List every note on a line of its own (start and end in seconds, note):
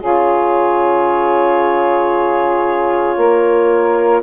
0.00 3.17 C#3
0.00 4.22 F4
0.00 3.16 G#4
0.00 4.23 C#5
3.17 4.23 A#3
3.17 4.22 A#4